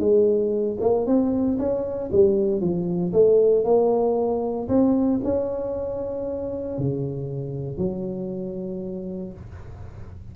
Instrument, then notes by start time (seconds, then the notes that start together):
tuba
0.00 G#3
0.81 A#3
1.07 C4
1.58 C#4
2.12 G3
2.61 F3
3.13 A3
3.65 A#3
4.69 C4
5.24 C#4
6.78 C#3
7.78 F#3